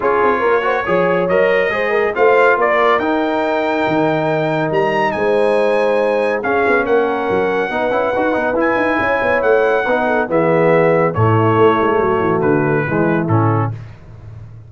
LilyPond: <<
  \new Staff \with { instrumentName = "trumpet" } { \time 4/4 \tempo 4 = 140 cis''2. dis''4~ | dis''4 f''4 d''4 g''4~ | g''2. ais''4 | gis''2. f''4 |
fis''1 | gis''2 fis''2 | e''2 cis''2~ | cis''4 b'2 a'4 | }
  \new Staff \with { instrumentName = "horn" } { \time 4/4 gis'4 ais'8 c''8 cis''2 | c''8 ais'8 c''4 ais'2~ | ais'1 | c''2. gis'4 |
ais'2 b'2~ | b'4 cis''2 b'8 a'8 | gis'2 e'2 | fis'2 e'2 | }
  \new Staff \with { instrumentName = "trombone" } { \time 4/4 f'4. fis'8 gis'4 ais'4 | gis'4 f'2 dis'4~ | dis'1~ | dis'2. cis'4~ |
cis'2 dis'8 e'8 fis'8 dis'8 | e'2. dis'4 | b2 a2~ | a2 gis4 cis'4 | }
  \new Staff \with { instrumentName = "tuba" } { \time 4/4 cis'8 c'8 ais4 f4 fis4 | gis4 a4 ais4 dis'4~ | dis'4 dis2 g4 | gis2. cis'8 b8 |
ais4 fis4 b8 cis'8 dis'8 b8 | e'8 dis'8 cis'8 b8 a4 b4 | e2 a,4 a8 gis8 | fis8 e8 d4 e4 a,4 | }
>>